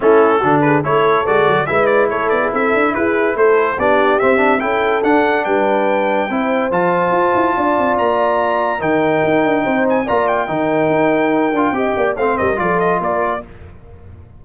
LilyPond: <<
  \new Staff \with { instrumentName = "trumpet" } { \time 4/4 \tempo 4 = 143 a'4. b'8 cis''4 d''4 | e''8 d''8 cis''8 d''8 e''4 b'4 | c''4 d''4 e''4 g''4 | fis''4 g''2. |
a''2. ais''4~ | ais''4 g''2~ g''8 gis''8 | ais''8 g''2.~ g''8~ | g''4 f''8 dis''8 d''8 dis''8 d''4 | }
  \new Staff \with { instrumentName = "horn" } { \time 4/4 e'4 fis'8 gis'8 a'2 | b'4 a'8. gis'16 a'4 gis'4 | a'4 g'2 a'4~ | a'4 b'2 c''4~ |
c''2 d''2~ | d''4 ais'2 c''4 | d''4 ais'2. | dis''8 d''8 c''8 ais'8 a'4 ais'4 | }
  \new Staff \with { instrumentName = "trombone" } { \time 4/4 cis'4 d'4 e'4 fis'4 | e'1~ | e'4 d'4 c'8 d'8 e'4 | d'2. e'4 |
f'1~ | f'4 dis'2. | f'4 dis'2~ dis'8 f'8 | g'4 c'4 f'2 | }
  \new Staff \with { instrumentName = "tuba" } { \time 4/4 a4 d4 a4 gis8 fis8 | gis4 a8 b8 c'8 d'8 e'4 | a4 b4 c'4 cis'4 | d'4 g2 c'4 |
f4 f'8 e'8 d'8 c'8 ais4~ | ais4 dis4 dis'8 d'8 c'4 | ais4 dis4 dis'4. d'8 | c'8 ais8 a8 g8 f4 ais4 | }
>>